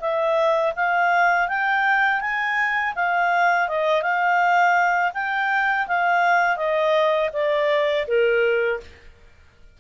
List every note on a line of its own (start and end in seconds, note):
0.00 0.73 E5
0.76 1.48 F5
1.48 2.20 G5
2.20 2.93 G#5
2.95 3.68 F5
3.68 4.02 D#5
4.02 5.12 F5
5.14 5.87 G5
5.87 6.57 F5
6.57 7.30 D#5
7.33 8.06 D5
8.07 8.80 A#4